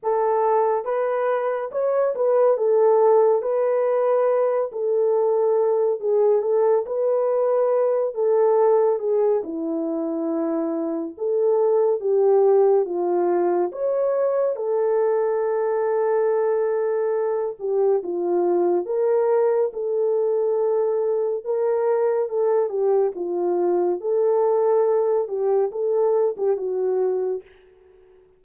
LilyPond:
\new Staff \with { instrumentName = "horn" } { \time 4/4 \tempo 4 = 70 a'4 b'4 cis''8 b'8 a'4 | b'4. a'4. gis'8 a'8 | b'4. a'4 gis'8 e'4~ | e'4 a'4 g'4 f'4 |
cis''4 a'2.~ | a'8 g'8 f'4 ais'4 a'4~ | a'4 ais'4 a'8 g'8 f'4 | a'4. g'8 a'8. g'16 fis'4 | }